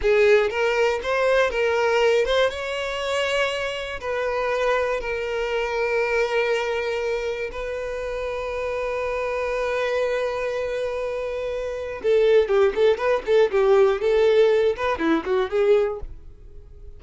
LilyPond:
\new Staff \with { instrumentName = "violin" } { \time 4/4 \tempo 4 = 120 gis'4 ais'4 c''4 ais'4~ | ais'8 c''8 cis''2. | b'2 ais'2~ | ais'2. b'4~ |
b'1~ | b'1 | a'4 g'8 a'8 b'8 a'8 g'4 | a'4. b'8 e'8 fis'8 gis'4 | }